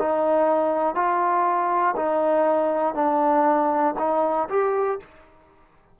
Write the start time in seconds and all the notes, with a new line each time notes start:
0.00 D#4
0.95 F4
1.96 D#4
2.95 D4
3.99 D#4
4.50 G4